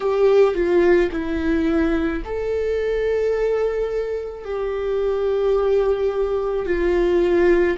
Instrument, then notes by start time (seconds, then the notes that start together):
viola
0.00 G4
0.54 F4
1.11 E4
2.25 A4
4.44 G4
6.66 F4